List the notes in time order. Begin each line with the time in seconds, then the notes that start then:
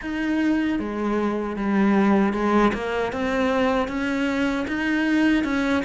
0.01 D#4
0.79 G#3
1.56 G3
2.33 G#3
2.73 A#3
3.12 C4
3.87 C#4
4.68 D#4
5.44 C#4